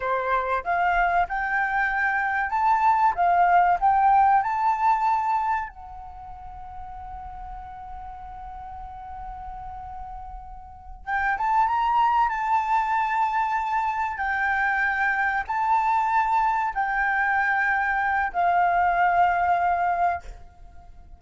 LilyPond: \new Staff \with { instrumentName = "flute" } { \time 4/4 \tempo 4 = 95 c''4 f''4 g''2 | a''4 f''4 g''4 a''4~ | a''4 fis''2.~ | fis''1~ |
fis''4. g''8 a''8 ais''4 a''8~ | a''2~ a''8 g''4.~ | g''8 a''2 g''4.~ | g''4 f''2. | }